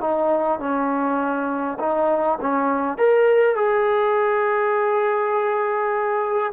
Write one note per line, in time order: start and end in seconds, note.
0.00 0.59 D#4
0.59 1.78 C#4
1.79 2.38 D#4
2.41 2.97 C#4
2.97 3.55 A#4
3.55 6.52 G#4